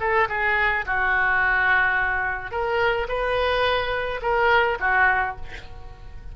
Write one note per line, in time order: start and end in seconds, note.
0.00 0.28 A4
0.29 0.85 G#4
0.86 2.51 F#4
2.51 3.07 A#4
3.08 4.20 B4
4.22 4.78 A#4
4.80 5.36 F#4